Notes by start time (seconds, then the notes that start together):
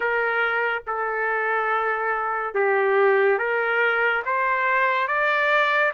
0.00 A#4
0.86 A4
2.54 G4
3.38 A#4
4.25 C5
5.07 D5